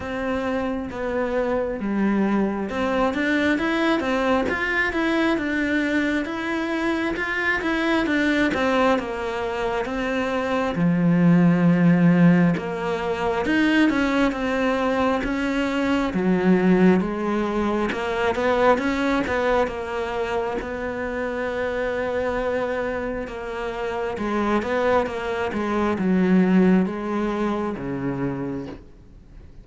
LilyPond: \new Staff \with { instrumentName = "cello" } { \time 4/4 \tempo 4 = 67 c'4 b4 g4 c'8 d'8 | e'8 c'8 f'8 e'8 d'4 e'4 | f'8 e'8 d'8 c'8 ais4 c'4 | f2 ais4 dis'8 cis'8 |
c'4 cis'4 fis4 gis4 | ais8 b8 cis'8 b8 ais4 b4~ | b2 ais4 gis8 b8 | ais8 gis8 fis4 gis4 cis4 | }